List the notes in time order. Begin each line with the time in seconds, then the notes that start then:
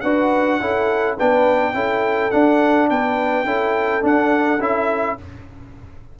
0.00 D4 F#4 B4 F#5
0.60 C#4 E4 A4
1.16 B3 D4 B4 G5
1.73 C#4 E4 A4
2.31 D4 F#5
2.90 B3 B4 G5
3.44 C#4 E4 A4
4.01 D4 F#5
4.59 C#4 E4 E5